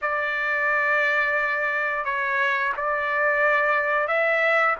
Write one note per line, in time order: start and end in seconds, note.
0.01 2.04 D5
2.04 2.72 C#5
2.76 4.07 D5
4.07 4.75 E5